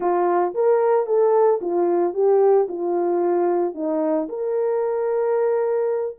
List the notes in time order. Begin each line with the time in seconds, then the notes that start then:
0.00 F4
0.54 A#4
1.06 A4
1.61 F4
2.13 G4
2.68 F4
3.74 D#4
4.29 A#4